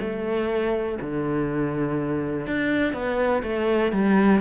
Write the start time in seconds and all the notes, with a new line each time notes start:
0.00 A3
1.01 D3
2.47 D4
2.93 B3
3.43 A3
3.92 G3